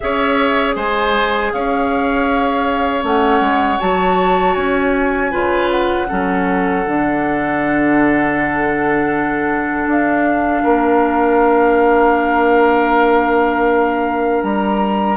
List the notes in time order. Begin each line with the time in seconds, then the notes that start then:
0.00 C#4 G#4 C#5 E5
0.75 G#3 C5 G#5
1.53 C#4 C#5 F5
3.02 A3 C#4 F#5
3.40 G#3
3.79 F#3 F#4 A5
4.55 C#4 G#5
5.31 C#3 F4 B4
5.71 F#5
6.08 F#3 C#4 A4
6.86 D3 D4
9.86 D4 F5
10.63 A#3 A#4
14.43 G3 A#5